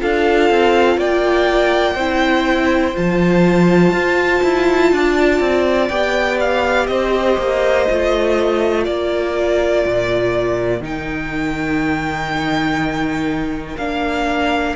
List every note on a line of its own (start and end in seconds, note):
0.00 0.50 D4
0.00 1.97 F4
0.00 0.98 A4
0.00 1.00 F5
0.50 0.97 C4
0.97 1.96 A#3
0.97 1.95 D5
0.97 2.97 G5
1.95 2.94 C4
1.95 2.95 E4
1.95 4.90 C5
2.95 3.92 F3
2.95 5.90 F4
2.95 5.89 A5
3.92 4.41 F4
4.43 4.92 E4
4.92 5.40 D4
4.92 6.90 D5
5.40 5.90 C4
5.89 6.88 B3
5.89 7.88 G4
5.89 6.38 G5
6.40 6.87 F5
6.87 7.37 C4
6.87 8.86 C5
6.87 8.84 D#5
7.38 7.87 A#3
7.90 8.87 A3
7.90 10.82 F4
8.85 9.86 A#3
8.85 14.76 A#4
8.85 10.82 D5
9.86 10.81 A#2
10.81 13.76 D#3
10.81 13.77 D#4
10.81 13.78 G5
13.77 14.76 A#3
13.77 14.76 D4
13.77 14.76 F5